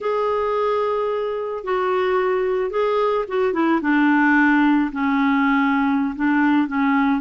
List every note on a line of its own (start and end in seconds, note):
0.00 1.64 G#4
1.64 2.70 F#4
2.70 3.25 G#4
3.28 3.53 F#4
3.53 3.80 E4
3.81 4.90 D4
4.92 6.14 C#4
6.15 6.67 D4
6.67 7.20 C#4